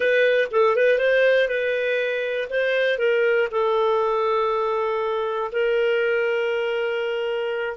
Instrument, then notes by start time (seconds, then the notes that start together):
clarinet
0.00 B4
0.51 A4
0.75 B4
0.98 C5
1.48 B4
2.50 C5
2.98 A#4
3.51 A4
5.52 A#4